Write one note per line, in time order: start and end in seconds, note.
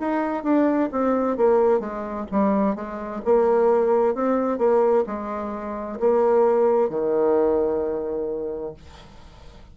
0.00 0.43 D#4
0.43 0.89 D4
0.92 1.37 C4
1.37 1.80 A#3
1.80 2.26 G#3
2.31 2.75 G3
2.75 3.21 G#3
3.25 4.15 A#3
4.15 4.58 C4
4.58 5.04 A#3
5.07 5.99 G#3
6.00 6.89 A#3
6.89 8.74 D#3